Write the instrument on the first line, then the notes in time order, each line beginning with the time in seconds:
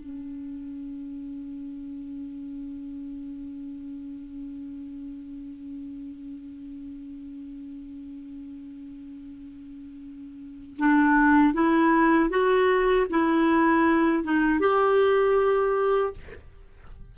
clarinet
0.00 C#4
10.78 D4
11.53 E4
12.29 F#4
13.10 E4
14.23 D#4
14.59 G4